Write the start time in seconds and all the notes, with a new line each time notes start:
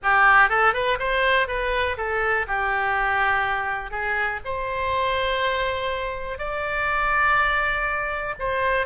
0.02 G4
0.49 A4
0.73 B4
0.99 C5
1.47 B4
1.97 A4
2.47 G4
3.90 G#4
4.44 C5
6.38 D5
8.39 C5